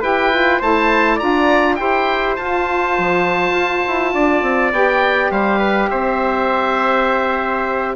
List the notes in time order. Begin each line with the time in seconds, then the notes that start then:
0.00 E4 G4 B4 G5
0.31 F4
0.59 A3 E4 C5 A5
1.15 D4 F4 D5 A#5
1.75 E4 G4 C5 G5
2.36 F4 A5
2.98 F3
3.50 F4
3.87 E4
4.13 D4 D5
4.42 C4
4.71 B3 G4 G5
5.30 G3 C5 F5
5.58 B4
5.89 C4 C5 E5